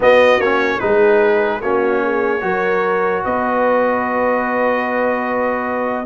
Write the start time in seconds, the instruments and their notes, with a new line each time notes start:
0.00 trombone B3, tuba B3, horn F#4, trumpet D#5
0.39 tuba A#3, trombone C#4, trumpet C#5
0.79 tuba G#3, trombone D#4, horn G#4, trumpet B4
1.61 tuba A#3, trombone C#4, horn F#4, trumpet C#5
2.02 horn G#4
2.40 tuba F#3, trombone F#4, horn A#4
3.24 tuba B3, horn B4, trumpet D#5